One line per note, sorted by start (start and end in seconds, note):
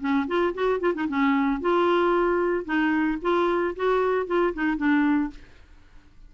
0.00 0.27 C#4
0.27 0.54 F4
0.54 0.80 F#4
0.80 0.93 F4
0.95 1.08 D#4
1.08 1.60 C#4
1.60 2.65 F4
2.65 3.18 D#4
3.22 3.75 F4
3.76 4.27 F#4
4.27 4.53 F4
4.54 4.77 D#4
4.77 5.30 D4